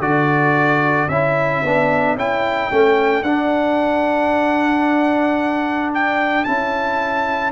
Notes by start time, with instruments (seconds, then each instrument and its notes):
0.00 tuba D3, trombone F#4, horn A4, trumpet D5
1.09 tuba C#4, trombone E4, trumpet E5
1.63 tuba B3, trombone D4
2.16 tuba C#4, trombone E4, trumpet G5
2.71 tuba A3, trombone C#4
3.22 tuba D4, trombone D4, trumpet F#5
5.94 trumpet G5
6.44 tuba C#4, trombone E4, trumpet A5